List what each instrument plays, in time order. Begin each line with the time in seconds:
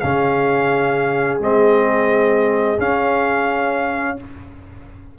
0.00 tuba C#3, trombone C#4, horn G#4, trumpet F5
1.39 tuba G#3, trombone C4, trumpet D#5
2.78 trombone C#4, tuba C#4, trumpet F5